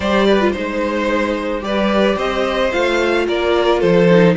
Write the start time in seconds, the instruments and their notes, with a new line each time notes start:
0.00 cello G3, viola G4, violin C5 D5
0.28 violin B4
0.40 viola F4
0.51 cello G#3, viola D#4, violin C5
1.60 cello G3, viola G4, violin B4 D5
2.16 cello C4, violin C5 D#5
2.71 cello A3, viola F4, violin F5
3.27 cello A#3, violin A#4 D5
3.80 cello F3, violin A4 C5
4.11 viola D#4